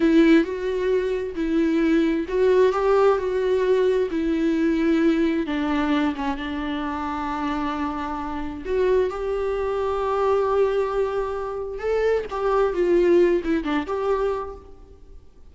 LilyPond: \new Staff \with { instrumentName = "viola" } { \time 4/4 \tempo 4 = 132 e'4 fis'2 e'4~ | e'4 fis'4 g'4 fis'4~ | fis'4 e'2. | d'4. cis'8 d'2~ |
d'2. fis'4 | g'1~ | g'2 a'4 g'4 | f'4. e'8 d'8 g'4. | }